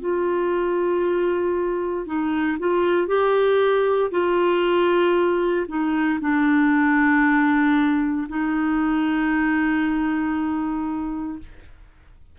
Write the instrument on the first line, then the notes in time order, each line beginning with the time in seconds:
clarinet
0.00 F4
2.06 D#4
2.59 F4
3.07 G4
4.11 F4
5.68 D#4
6.21 D4
8.28 D#4